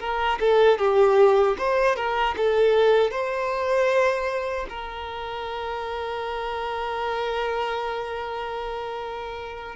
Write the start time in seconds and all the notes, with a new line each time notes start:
0.00 A#4
0.40 A4
0.78 G4
1.58 C5
1.96 A#4
2.37 A4
3.11 C5
4.69 A#4